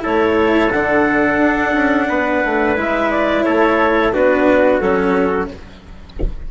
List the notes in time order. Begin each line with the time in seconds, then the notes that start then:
0.00 A3 E4 A4 C#5
0.71 D3 D4 F#5
1.38 D4
1.72 C#4
2.08 B3 B4
2.44 A3
2.76 G#3 E4 E5
3.10 D5
3.43 A3 A4 C#5
4.12 B3 D4 F#4 B4
4.80 F#3 C#4 A4